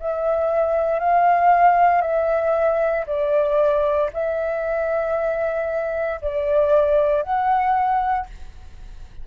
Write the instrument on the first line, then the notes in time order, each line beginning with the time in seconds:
flute
0.00 E5
1.00 F5
2.02 E5
3.07 D5
4.14 E5
6.22 D5
7.23 F#5